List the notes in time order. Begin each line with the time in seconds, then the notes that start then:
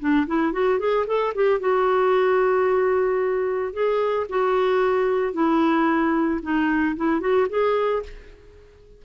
0.00 D4
0.27 E4
0.53 F#4
0.80 G#4
1.07 A4
1.35 G4
1.60 F#4
3.74 G#4
4.30 F#4
5.34 E4
6.43 D#4
6.97 E4
7.21 F#4
7.50 G#4